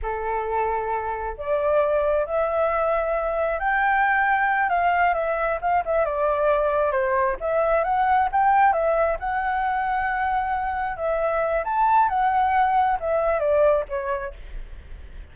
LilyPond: \new Staff \with { instrumentName = "flute" } { \time 4/4 \tempo 4 = 134 a'2. d''4~ | d''4 e''2. | g''2~ g''8 f''4 e''8~ | e''8 f''8 e''8 d''2 c''8~ |
c''8 e''4 fis''4 g''4 e''8~ | e''8 fis''2.~ fis''8~ | fis''8 e''4. a''4 fis''4~ | fis''4 e''4 d''4 cis''4 | }